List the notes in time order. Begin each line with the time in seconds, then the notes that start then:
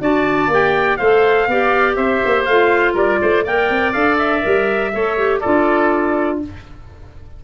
0.00 D4 F#4 D5 A5
0.47 A#3 G4
0.53 G5
0.97 A3 A4 C5 F5
1.47 B3 G4 D5
1.95 C4 C5 E5
2.25 A#3
2.45 A3 F4 F5
2.94 G3 A#4 D5
3.22 A3 C5
3.44 A#3 A#4 D5 G5
3.69 C4
3.93 D4 A4 F5
4.18 E5
4.41 G3 A#4
4.93 A3 A4 C#5
5.17 G4
5.40 D4 F4 A4 D5